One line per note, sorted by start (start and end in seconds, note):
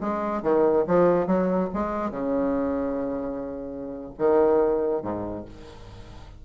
0.00 0.42 G#3
0.42 0.84 D#3
0.87 1.26 F3
1.26 1.69 F#3
1.73 2.11 G#3
2.11 4.13 C#3
4.18 5.02 D#3
5.02 5.44 G#2